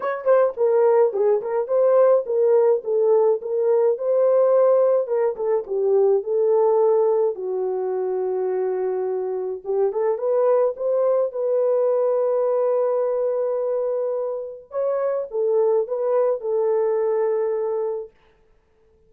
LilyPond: \new Staff \with { instrumentName = "horn" } { \time 4/4 \tempo 4 = 106 cis''8 c''8 ais'4 gis'8 ais'8 c''4 | ais'4 a'4 ais'4 c''4~ | c''4 ais'8 a'8 g'4 a'4~ | a'4 fis'2.~ |
fis'4 g'8 a'8 b'4 c''4 | b'1~ | b'2 cis''4 a'4 | b'4 a'2. | }